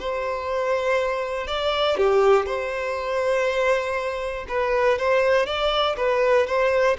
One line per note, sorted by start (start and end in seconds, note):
0.00 1.48 C5
1.48 1.97 D5
1.97 2.46 G4
2.46 4.46 C5
4.49 4.99 B4
4.99 5.47 C5
5.47 5.97 D5
5.97 6.47 B4
6.47 6.97 C5